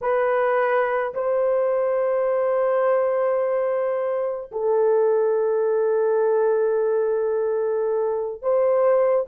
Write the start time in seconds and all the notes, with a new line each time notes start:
0.01 B4
1.14 C5
4.51 A4
8.42 C5